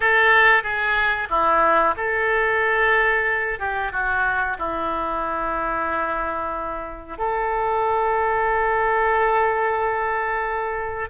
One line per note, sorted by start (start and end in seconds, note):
0.00 0.63 A4
0.63 1.28 G#4
1.29 1.94 E4
1.97 3.59 A4
3.59 3.91 G4
3.92 4.57 F#4
4.58 7.17 E4
7.17 11.09 A4